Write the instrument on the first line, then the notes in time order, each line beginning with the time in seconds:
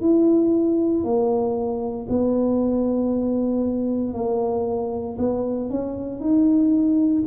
tuba
0.00 E4
1.03 A#3
2.09 B3
4.13 A#3
5.18 B3
5.69 C#4
6.20 D#4